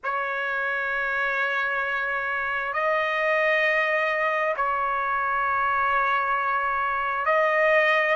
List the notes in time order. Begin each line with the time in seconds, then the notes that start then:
0.03 C#5
2.73 D#5
4.56 C#5
7.25 D#5